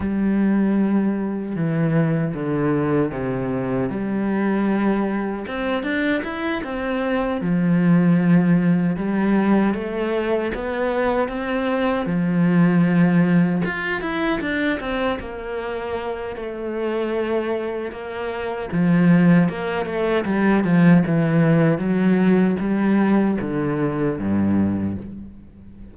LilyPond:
\new Staff \with { instrumentName = "cello" } { \time 4/4 \tempo 4 = 77 g2 e4 d4 | c4 g2 c'8 d'8 | e'8 c'4 f2 g8~ | g8 a4 b4 c'4 f8~ |
f4. f'8 e'8 d'8 c'8 ais8~ | ais4 a2 ais4 | f4 ais8 a8 g8 f8 e4 | fis4 g4 d4 g,4 | }